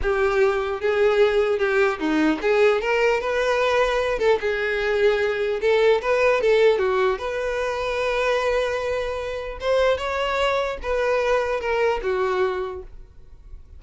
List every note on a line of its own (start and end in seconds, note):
0.01 0.81 G4
0.81 1.59 G#4
1.59 1.99 G4
1.99 2.39 D#4
2.41 2.81 G#4
2.81 3.20 A#4
3.20 4.18 B4
4.18 4.38 A4
4.40 5.60 G#4
5.61 6.01 A4
6.01 6.41 B4
6.41 6.78 A4
6.78 7.18 F#4
7.18 9.58 B4
9.60 9.97 C5
9.97 10.77 C#5
10.82 11.60 B4
11.60 12.00 A#4
12.02 12.82 F#4